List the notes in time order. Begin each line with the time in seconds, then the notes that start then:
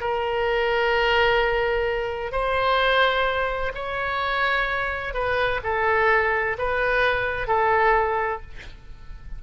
0.00 A#4
2.31 C5
3.74 C#5
5.13 B4
5.63 A4
6.58 B4
7.47 A4